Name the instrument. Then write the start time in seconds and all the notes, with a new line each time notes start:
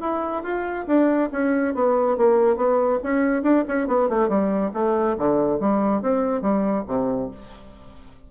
bassoon
0.00 E4
0.43 F4
0.87 D4
1.32 C#4
1.74 B3
2.17 A#3
2.56 B3
3.03 C#4
3.43 D4
3.68 C#4
3.87 B3
4.09 A3
4.29 G3
4.74 A3
5.18 D3
5.60 G3
6.02 C4
6.41 G3
6.87 C3